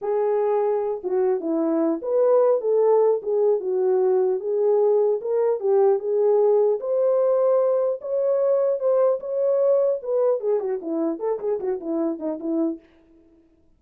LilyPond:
\new Staff \with { instrumentName = "horn" } { \time 4/4 \tempo 4 = 150 gis'2~ gis'8 fis'4 e'8~ | e'4 b'4. a'4. | gis'4 fis'2 gis'4~ | gis'4 ais'4 g'4 gis'4~ |
gis'4 c''2. | cis''2 c''4 cis''4~ | cis''4 b'4 gis'8 fis'8 e'4 | a'8 gis'8 fis'8 e'4 dis'8 e'4 | }